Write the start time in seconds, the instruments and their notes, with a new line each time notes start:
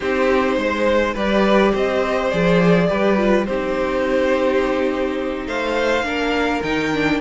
0.00 cello C4, viola D#4, violin G4 C5
0.57 cello G#3, violin C5
1.14 cello G3, viola G4, violin B4 D5
1.72 cello C4, violin C5 D#5
2.30 cello F3, viola G#4, violin D5
2.88 cello G3, viola G4, violin B4
3.17 viola F4
3.45 cello C4, viola D#4, violin G4 C5
5.46 cello A3, violin C5 F5
6.02 cello A#3, viola D4, violin A#4
6.62 cello D#3, viola D#4, violin G5
6.93 viola D4